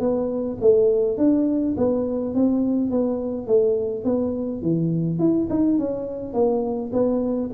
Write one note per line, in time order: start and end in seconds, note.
0.00 0.58 B3
0.61 1.17 A3
1.17 1.75 D4
1.77 2.35 B3
2.35 2.91 C4
2.91 3.47 B3
3.47 4.04 A3
4.04 4.62 B3
4.62 5.19 E3
5.19 5.48 E4
5.50 5.79 D#4
5.79 6.34 C#4
6.34 6.91 A#3
6.93 7.51 B3